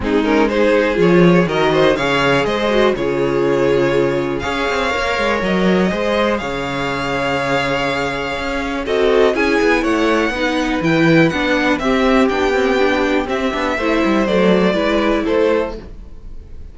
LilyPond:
<<
  \new Staff \with { instrumentName = "violin" } { \time 4/4 \tempo 4 = 122 gis'8 ais'8 c''4 cis''4 dis''4 | f''4 dis''4 cis''2~ | cis''4 f''2 dis''4~ | dis''4 f''2.~ |
f''2 dis''4 gis''4 | fis''2 g''4 fis''4 | e''4 g''2 e''4~ | e''4 d''2 c''4 | }
  \new Staff \with { instrumentName = "violin" } { \time 4/4 dis'4 gis'2 ais'8 c''8 | cis''4 c''4 gis'2~ | gis'4 cis''2. | c''4 cis''2.~ |
cis''2 a'4 gis'4 | cis''4 b'2. | g'1 | c''2 b'4 a'4 | }
  \new Staff \with { instrumentName = "viola" } { \time 4/4 c'8 cis'8 dis'4 f'4 fis'4 | gis'4. fis'8 f'2~ | f'4 gis'4 ais'2 | gis'1~ |
gis'2 fis'4 e'4~ | e'4 dis'4 e'4 d'4 | c'4 d'8 c'8 d'4 c'8 d'8 | e'4 a4 e'2 | }
  \new Staff \with { instrumentName = "cello" } { \time 4/4 gis2 f4 dis4 | cis4 gis4 cis2~ | cis4 cis'8 c'8 ais8 gis8 fis4 | gis4 cis2.~ |
cis4 cis'4 c'4 cis'8 b8 | a4 b4 e4 b4 | c'4 b2 c'8 b8 | a8 g8 fis4 gis4 a4 | }
>>